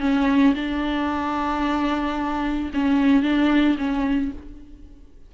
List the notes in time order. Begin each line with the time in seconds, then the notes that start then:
0.00 C#4
0.55 D4
2.74 C#4
3.22 D4
3.78 C#4